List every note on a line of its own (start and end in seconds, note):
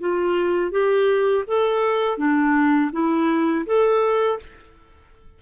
0.00 0.72 F4
0.72 1.45 G4
1.47 2.18 A4
2.18 2.91 D4
2.92 3.66 E4
3.66 4.39 A4